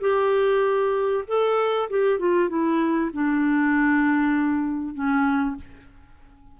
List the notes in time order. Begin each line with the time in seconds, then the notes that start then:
0.00 G4
1.27 A4
1.90 G4
2.18 F4
2.49 E4
3.13 D4
4.94 C#4